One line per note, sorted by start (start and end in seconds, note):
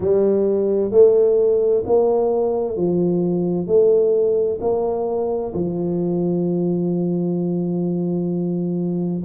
0.00 0.91 G3
0.91 1.83 A3
1.86 2.76 A#3
2.76 3.66 F3
3.66 4.59 A3
4.60 5.53 A#3
5.53 9.23 F3